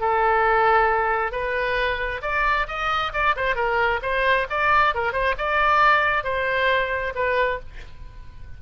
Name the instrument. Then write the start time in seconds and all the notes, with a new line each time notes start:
oboe
0.00 A4
1.32 B4
2.22 D5
2.68 D#5
3.13 D5
3.36 C5
3.55 A#4
4.02 C5
4.50 D5
4.94 A#4
5.12 C5
5.38 D5
6.24 C5
7.15 B4